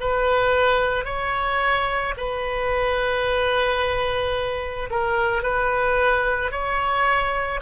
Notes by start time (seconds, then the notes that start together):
0.00 B4
1.05 C#5
2.17 B4
4.90 A#4
5.42 B4
6.51 C#5